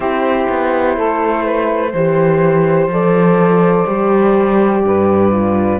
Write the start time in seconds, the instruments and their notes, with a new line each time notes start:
0.00 cello C4, horn E4, saxophone G4, flute C5
0.48 cello B3
0.97 cello A3, saxophone A4
1.43 saxophone B4
1.93 cello E3, horn G4, saxophone C5
2.87 cello F3, horn A4, flute D5
3.87 cello G3, horn G4
4.83 cello G2, saxophone B4
5.32 horn F4